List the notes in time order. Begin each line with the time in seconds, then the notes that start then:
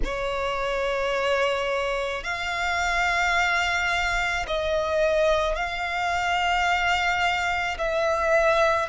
0.04 C#5
2.23 F5
4.47 D#5
5.55 F5
7.78 E5